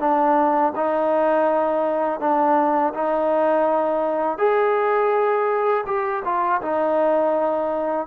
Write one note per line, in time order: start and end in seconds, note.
0.00 0.73 D4
0.76 2.20 D#4
2.20 2.93 D4
2.94 4.38 D#4
4.38 5.85 G#4
5.87 6.23 G4
6.25 6.62 F4
6.62 8.07 D#4